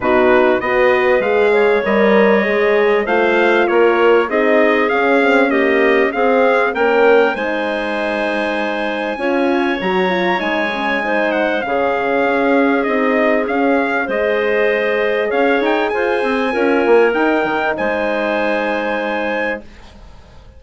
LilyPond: <<
  \new Staff \with { instrumentName = "trumpet" } { \time 4/4 \tempo 4 = 98 b'4 dis''4 f''4 dis''4~ | dis''4 f''4 cis''4 dis''4 | f''4 dis''4 f''4 g''4 | gis''1 |
ais''4 gis''4. fis''8 f''4~ | f''4 dis''4 f''4 dis''4~ | dis''4 f''8 g''8 gis''2 | g''4 gis''2. | }
  \new Staff \with { instrumentName = "clarinet" } { \time 4/4 fis'4 b'4. cis''4.~ | cis''4 c''4 ais'4 gis'4~ | gis'4 g'4 gis'4 ais'4 | c''2. cis''4~ |
cis''2 c''4 gis'4~ | gis'2. c''4~ | c''4 cis''4 c''4 ais'4~ | ais'4 c''2. | }
  \new Staff \with { instrumentName = "horn" } { \time 4/4 dis'4 fis'4 gis'4 ais'4 | gis'4 f'2 dis'4 | cis'8 c'8 ais4 c'4 cis'4 | dis'2. f'4 |
fis'8 f'8 dis'8 cis'8 dis'4 cis'4~ | cis'4 dis'4 cis'4 gis'4~ | gis'2. f'4 | dis'1 | }
  \new Staff \with { instrumentName = "bassoon" } { \time 4/4 b,4 b4 gis4 g4 | gis4 a4 ais4 c'4 | cis'2 c'4 ais4 | gis2. cis'4 |
fis4 gis2 cis4 | cis'4 c'4 cis'4 gis4~ | gis4 cis'8 dis'8 f'8 c'8 cis'8 ais8 | dis'8 dis8 gis2. | }
>>